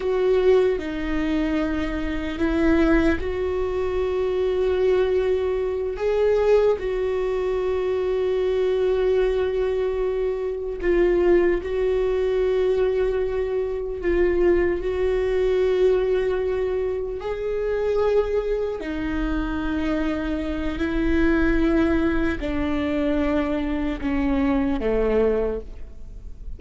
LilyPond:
\new Staff \with { instrumentName = "viola" } { \time 4/4 \tempo 4 = 75 fis'4 dis'2 e'4 | fis'2.~ fis'8 gis'8~ | gis'8 fis'2.~ fis'8~ | fis'4. f'4 fis'4.~ |
fis'4. f'4 fis'4.~ | fis'4. gis'2 dis'8~ | dis'2 e'2 | d'2 cis'4 a4 | }